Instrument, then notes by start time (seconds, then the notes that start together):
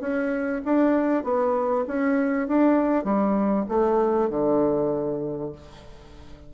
bassoon
0.00 C#4
0.65 D4
1.23 B3
1.87 C#4
2.47 D4
3.04 G3
3.68 A3
4.29 D3